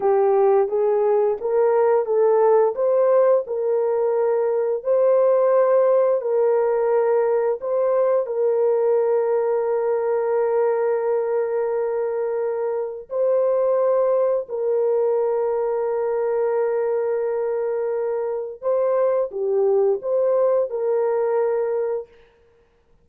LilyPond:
\new Staff \with { instrumentName = "horn" } { \time 4/4 \tempo 4 = 87 g'4 gis'4 ais'4 a'4 | c''4 ais'2 c''4~ | c''4 ais'2 c''4 | ais'1~ |
ais'2. c''4~ | c''4 ais'2.~ | ais'2. c''4 | g'4 c''4 ais'2 | }